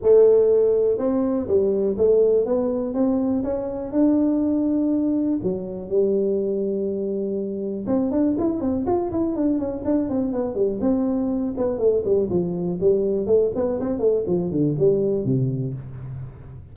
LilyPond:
\new Staff \with { instrumentName = "tuba" } { \time 4/4 \tempo 4 = 122 a2 c'4 g4 | a4 b4 c'4 cis'4 | d'2. fis4 | g1 |
c'8 d'8 e'8 c'8 f'8 e'8 d'8 cis'8 | d'8 c'8 b8 g8 c'4. b8 | a8 g8 f4 g4 a8 b8 | c'8 a8 f8 d8 g4 c4 | }